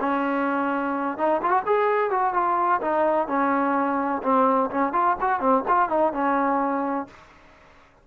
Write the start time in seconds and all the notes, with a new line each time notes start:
0.00 C#4
1.17 D#4
1.42 F4
1.50 F#4
1.66 G#4
2.10 F#4
2.33 F4
2.81 D#4
3.27 C#4
4.23 C4
4.71 C#4
4.93 F4
5.21 F#4
5.40 C4
5.68 F4
5.89 D#4
6.13 C#4